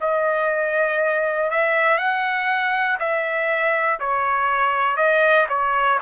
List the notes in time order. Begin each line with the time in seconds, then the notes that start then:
0.00 D#5
1.50 E5
1.98 F#5
2.99 E5
3.99 C#5
4.96 D#5
5.49 C#5